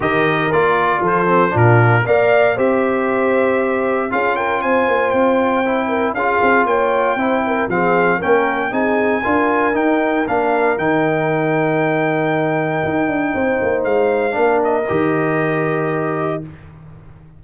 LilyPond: <<
  \new Staff \with { instrumentName = "trumpet" } { \time 4/4 \tempo 4 = 117 dis''4 d''4 c''4 ais'4 | f''4 e''2. | f''8 g''8 gis''4 g''2 | f''4 g''2 f''4 |
g''4 gis''2 g''4 | f''4 g''2.~ | g''2. f''4~ | f''8 dis''2.~ dis''8 | }
  \new Staff \with { instrumentName = "horn" } { \time 4/4 ais'2 a'4 f'4 | d''4 c''2. | gis'8 ais'8 c''2~ c''8 ais'8 | gis'4 cis''4 c''8 ais'8 gis'4 |
ais'4 gis'4 ais'2~ | ais'1~ | ais'2 c''2 | ais'1 | }
  \new Staff \with { instrumentName = "trombone" } { \time 4/4 g'4 f'4. c'8 d'4 | ais'4 g'2. | f'2. e'4 | f'2 e'4 c'4 |
cis'4 dis'4 f'4 dis'4 | d'4 dis'2.~ | dis'1 | d'4 g'2. | }
  \new Staff \with { instrumentName = "tuba" } { \time 4/4 dis4 ais4 f4 ais,4 | ais4 c'2. | cis'4 c'8 ais8 c'2 | cis'8 c'8 ais4 c'4 f4 |
ais4 c'4 d'4 dis'4 | ais4 dis2.~ | dis4 dis'8 d'8 c'8 ais8 gis4 | ais4 dis2. | }
>>